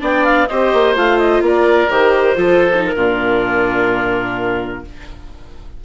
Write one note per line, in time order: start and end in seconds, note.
0.00 0.48 B3
0.00 0.47 D4
0.00 0.48 D5
0.00 0.25 G5
0.25 0.48 F5
0.48 0.73 C4
0.48 0.95 G4
0.48 1.43 C5
0.48 0.95 D#5
0.73 0.96 A#3
0.95 1.41 A3
0.95 1.88 F4
0.95 1.18 F5
1.18 1.42 D#5
1.41 1.88 A#3
1.41 2.37 A#4
1.41 1.91 D5
1.89 2.36 D#3
1.89 2.35 G4
1.89 2.84 C5
2.35 2.95 F3
2.35 2.70 F4
2.35 2.95 A4
2.74 2.96 D#4
2.85 4.84 A#4
2.96 4.83 A#2
2.96 4.84 D4
2.96 4.83 F4